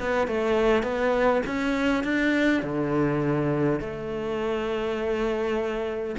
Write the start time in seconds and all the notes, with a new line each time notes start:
0.00 B3
0.28 A3
0.83 B3
1.46 C#4
2.04 D4
2.63 D3
3.80 A3